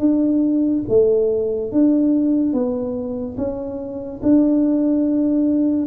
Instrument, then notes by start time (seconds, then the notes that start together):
tuba
0.00 D4
0.89 A3
1.72 D4
2.53 B3
3.38 C#4
4.23 D4